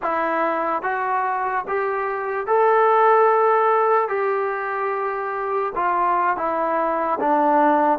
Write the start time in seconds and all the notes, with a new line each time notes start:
0.01 E4
0.82 F#4
1.67 G4
2.47 A4
4.08 G4
5.75 F4
6.36 E4
7.20 D4